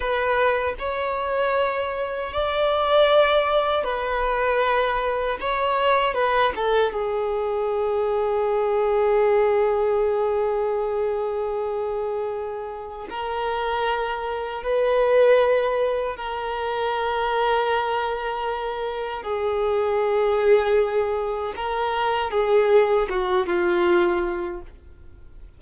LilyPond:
\new Staff \with { instrumentName = "violin" } { \time 4/4 \tempo 4 = 78 b'4 cis''2 d''4~ | d''4 b'2 cis''4 | b'8 a'8 gis'2.~ | gis'1~ |
gis'4 ais'2 b'4~ | b'4 ais'2.~ | ais'4 gis'2. | ais'4 gis'4 fis'8 f'4. | }